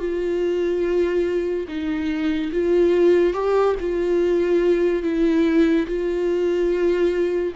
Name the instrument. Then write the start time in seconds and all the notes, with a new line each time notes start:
viola
0.00 F4
1.68 D#4
2.52 F4
3.34 G4
3.80 F4
5.03 E4
5.87 F4